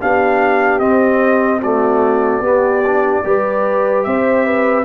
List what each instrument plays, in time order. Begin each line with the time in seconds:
0.00 tuba B3, trombone D4, horn G4, trumpet F5
0.79 tuba C4, trombone C4, trumpet D#5
1.61 trombone A3, horn F#4, trumpet D5
2.40 tuba B3, trombone B3, horn G4
2.86 trombone D4
3.24 tuba G3, trombone G4, horn B4
4.04 tuba C4, horn C5, trumpet E5
4.45 horn B4